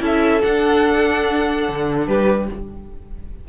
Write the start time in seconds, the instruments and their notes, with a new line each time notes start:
0.00 cello C#4, viola E4, violin A4 E5
0.40 viola D4, cello D4, violin F#5
1.69 cello D3
2.07 cello G3, violin G4 B4